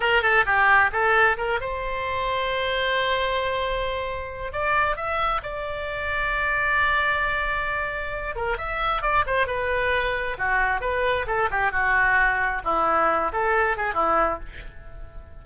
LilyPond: \new Staff \with { instrumentName = "oboe" } { \time 4/4 \tempo 4 = 133 ais'8 a'8 g'4 a'4 ais'8 c''8~ | c''1~ | c''2 d''4 e''4 | d''1~ |
d''2~ d''8 ais'8 e''4 | d''8 c''8 b'2 fis'4 | b'4 a'8 g'8 fis'2 | e'4. a'4 gis'8 e'4 | }